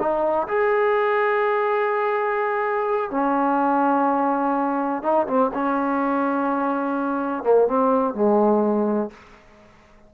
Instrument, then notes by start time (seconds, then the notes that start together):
trombone
0.00 D#4
0.48 G#4
3.11 C#4
5.03 D#4
5.27 C4
5.54 C#4
7.44 A#3
7.68 C4
8.14 G#3